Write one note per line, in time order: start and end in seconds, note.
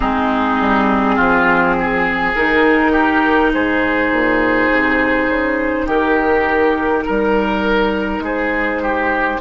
0.00 0.60 G#3
0.00 2.33 C4
0.00 1.15 D#4
0.00 2.31 G#4
0.60 1.18 G3
1.15 2.36 F3
1.15 1.74 F4
1.79 2.92 G#4
2.34 3.53 D#3
2.34 9.41 D#4
2.34 3.52 A#4
2.92 3.50 G4
3.53 4.12 G#2
3.53 5.86 G#4
3.53 5.88 C5
4.12 4.71 A#2
4.71 5.28 C3
5.28 5.86 C#3
5.86 7.04 D#3
5.86 7.04 G4
5.86 8.24 A#4
7.05 8.19 G3
7.05 8.23 A#4
8.19 9.37 G#3
8.19 8.82 G#4
8.19 9.41 C5
8.82 9.41 G4